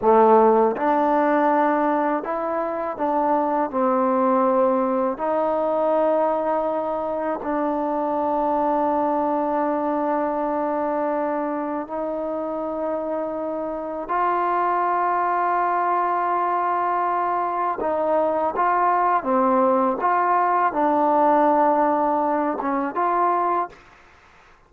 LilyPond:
\new Staff \with { instrumentName = "trombone" } { \time 4/4 \tempo 4 = 81 a4 d'2 e'4 | d'4 c'2 dis'4~ | dis'2 d'2~ | d'1 |
dis'2. f'4~ | f'1 | dis'4 f'4 c'4 f'4 | d'2~ d'8 cis'8 f'4 | }